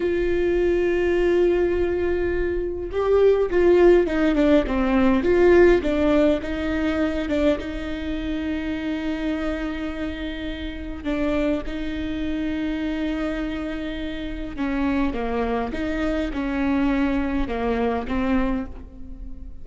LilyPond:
\new Staff \with { instrumentName = "viola" } { \time 4/4 \tempo 4 = 103 f'1~ | f'4 g'4 f'4 dis'8 d'8 | c'4 f'4 d'4 dis'4~ | dis'8 d'8 dis'2.~ |
dis'2. d'4 | dis'1~ | dis'4 cis'4 ais4 dis'4 | cis'2 ais4 c'4 | }